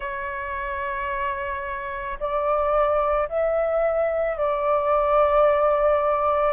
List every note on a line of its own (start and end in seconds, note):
0.00 2.18 C#5
2.19 3.28 D5
3.28 4.37 E5
4.37 6.53 D5